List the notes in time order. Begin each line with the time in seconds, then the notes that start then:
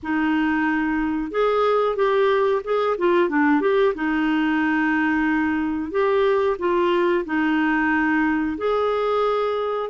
0.02 D#4
1.31 G#4
1.96 G4
2.63 G#4
2.98 F4
3.29 D4
3.61 G4
3.94 D#4
5.91 G4
6.58 F4
7.25 D#4
8.57 G#4